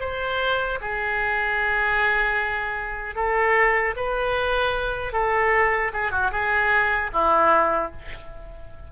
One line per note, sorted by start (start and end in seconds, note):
0.00 0.79 C5
0.81 3.16 G#4
3.16 3.95 A4
3.96 5.13 B4
5.13 5.92 A4
5.93 6.11 G#4
6.11 6.31 F#4
6.32 7.11 G#4
7.13 7.92 E4